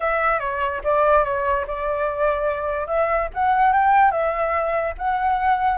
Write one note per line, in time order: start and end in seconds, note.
0.00 0.39 E5
0.39 0.81 C#5
0.84 1.24 D5
1.24 1.65 C#5
1.67 2.87 D5
2.87 3.28 E5
3.34 3.73 F#5
3.73 4.11 G5
4.11 4.94 E5
4.98 5.77 F#5